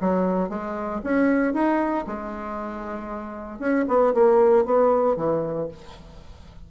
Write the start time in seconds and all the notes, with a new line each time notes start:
0.00 F#3
0.49 G#3
1.03 C#4
1.53 D#4
2.07 G#3
3.59 C#4
3.88 B3
4.14 A#3
4.65 B3
5.16 E3